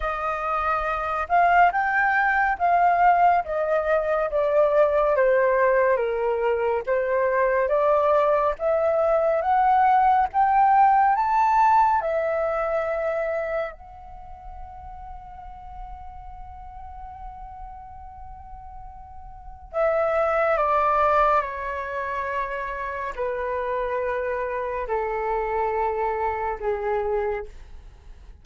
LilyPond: \new Staff \with { instrumentName = "flute" } { \time 4/4 \tempo 4 = 70 dis''4. f''8 g''4 f''4 | dis''4 d''4 c''4 ais'4 | c''4 d''4 e''4 fis''4 | g''4 a''4 e''2 |
fis''1~ | fis''2. e''4 | d''4 cis''2 b'4~ | b'4 a'2 gis'4 | }